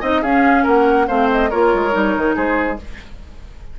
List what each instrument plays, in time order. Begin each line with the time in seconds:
0.00 bassoon C4, clarinet D#4, oboe D#5, flute D#5
0.22 bassoon C#4, clarinet C#4, oboe G#4, flute F5
0.63 bassoon A#3, oboe A#4, flute F#5
1.08 bassoon A3, clarinet C4, oboe C5, flute F5
1.31 flute D#5
1.50 bassoon A#3, clarinet F4, oboe A#4, flute C#5
1.74 bassoon G#3
1.91 bassoon G3, clarinet D#4
2.17 bassoon D#3
2.36 bassoon G#3, oboe G#4, flute C5